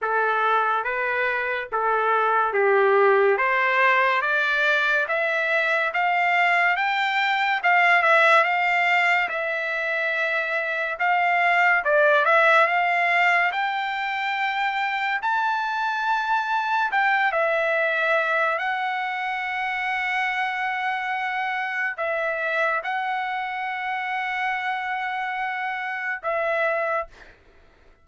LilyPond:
\new Staff \with { instrumentName = "trumpet" } { \time 4/4 \tempo 4 = 71 a'4 b'4 a'4 g'4 | c''4 d''4 e''4 f''4 | g''4 f''8 e''8 f''4 e''4~ | e''4 f''4 d''8 e''8 f''4 |
g''2 a''2 | g''8 e''4. fis''2~ | fis''2 e''4 fis''4~ | fis''2. e''4 | }